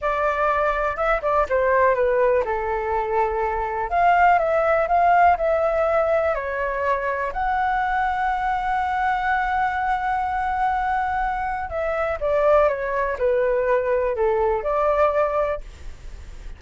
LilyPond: \new Staff \with { instrumentName = "flute" } { \time 4/4 \tempo 4 = 123 d''2 e''8 d''8 c''4 | b'4 a'2. | f''4 e''4 f''4 e''4~ | e''4 cis''2 fis''4~ |
fis''1~ | fis''1 | e''4 d''4 cis''4 b'4~ | b'4 a'4 d''2 | }